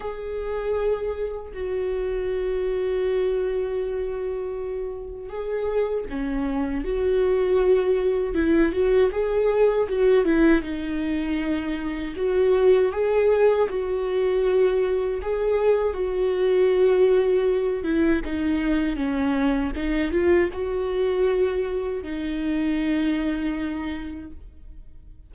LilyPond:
\new Staff \with { instrumentName = "viola" } { \time 4/4 \tempo 4 = 79 gis'2 fis'2~ | fis'2. gis'4 | cis'4 fis'2 e'8 fis'8 | gis'4 fis'8 e'8 dis'2 |
fis'4 gis'4 fis'2 | gis'4 fis'2~ fis'8 e'8 | dis'4 cis'4 dis'8 f'8 fis'4~ | fis'4 dis'2. | }